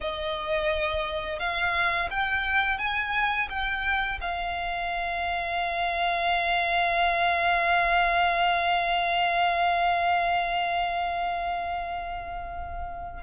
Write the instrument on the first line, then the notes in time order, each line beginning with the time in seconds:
violin
0.00 D#5
1.39 F5
2.10 G5
2.78 G#5
3.49 G5
4.21 F5